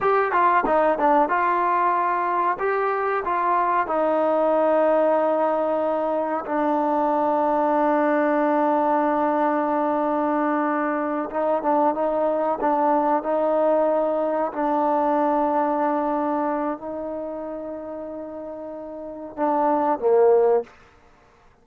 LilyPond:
\new Staff \with { instrumentName = "trombone" } { \time 4/4 \tempo 4 = 93 g'8 f'8 dis'8 d'8 f'2 | g'4 f'4 dis'2~ | dis'2 d'2~ | d'1~ |
d'4. dis'8 d'8 dis'4 d'8~ | d'8 dis'2 d'4.~ | d'2 dis'2~ | dis'2 d'4 ais4 | }